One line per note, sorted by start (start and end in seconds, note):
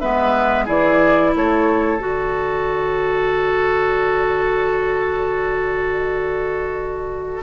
0.00 0.68 G#3
0.00 0.66 B3
0.00 0.65 B4
0.00 0.66 E5
0.65 1.34 E3
0.65 1.98 E4
0.65 1.30 G#4
0.65 1.34 D5
1.35 1.99 A3
1.35 7.43 A4
1.35 2.00 C#5
1.99 7.43 D3
1.99 7.43 F#4
1.99 7.43 D5